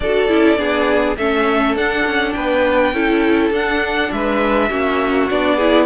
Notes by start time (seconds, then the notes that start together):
0.00 D4 F#4 A4 D5
0.28 C#4 E4
0.56 B3 D4 G#4
1.17 A3 C#4 A4 E5
1.75 D4 F#5
2.05 C#4
2.33 B3 B4 G5
2.93 C#4 E4 A4
3.50 D4 F#5
4.11 G#3 B4 E5
4.69 A#3 C#4 F#4
5.30 B3 D4 D5
5.56 E4 G#4